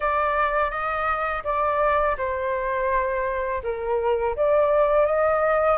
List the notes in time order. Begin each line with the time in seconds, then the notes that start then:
0.00 D5
0.70 D#5
1.44 D5
2.17 C5
3.63 A#4
4.36 D5
5.06 D#5